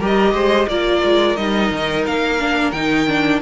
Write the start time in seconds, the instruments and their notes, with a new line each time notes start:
0.00 cello G3, viola G4, violin A#4 D#5
0.33 cello G#3, violin C5
0.68 cello A#3, viola F4, violin A#4 D5
1.05 cello G#3
1.37 cello G3, viola D#4, violin D#5
1.72 cello D#3
2.07 cello A#3, violin F5
2.40 viola D4
2.72 cello D#3, viola D#4, violin G5
3.08 viola D4